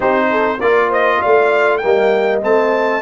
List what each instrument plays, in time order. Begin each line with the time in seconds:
0.00 tuba C4, trombone D#4, horn G4, trumpet C5
0.30 horn A4
0.60 tuba A#3, trombone F4, horn A#4, trumpet D5
0.88 horn C5, trumpet D#5
1.21 tuba A3, horn D5, trumpet F5
1.77 trombone A#3, trumpet G5
1.84 tuba G3, horn D#5
2.41 tuba A3, trombone C4, trumpet A5